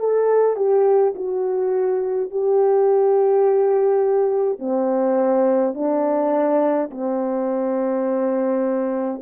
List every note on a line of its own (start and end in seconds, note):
0.00 0.57 A4
0.57 1.14 G4
1.15 2.31 F#4
2.31 4.59 G4
4.59 5.75 C4
5.75 6.90 D4
6.91 9.22 C4